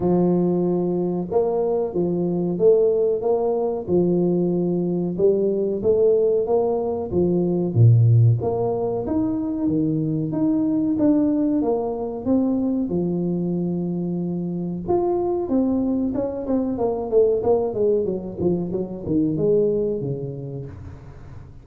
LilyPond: \new Staff \with { instrumentName = "tuba" } { \time 4/4 \tempo 4 = 93 f2 ais4 f4 | a4 ais4 f2 | g4 a4 ais4 f4 | ais,4 ais4 dis'4 dis4 |
dis'4 d'4 ais4 c'4 | f2. f'4 | c'4 cis'8 c'8 ais8 a8 ais8 gis8 | fis8 f8 fis8 dis8 gis4 cis4 | }